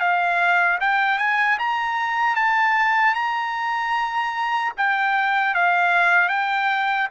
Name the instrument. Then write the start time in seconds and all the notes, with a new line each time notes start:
trumpet
0.00 F5
0.81 G5
1.19 G#5
1.59 A#5
2.36 A5
3.15 A#5
4.77 G5
5.55 F5
6.29 G5